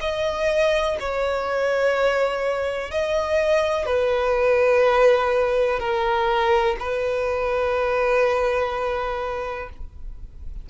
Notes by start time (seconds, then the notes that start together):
0.00 D#5
0.99 C#5
2.91 D#5
3.85 B4
5.79 A#4
6.79 B4